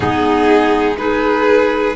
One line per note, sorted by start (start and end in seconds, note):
0.00 1.96 G#3
0.00 0.94 B3
0.00 0.97 D#4
0.00 0.96 G#4
0.97 1.95 D#4
0.97 1.96 G#4
0.97 1.95 B4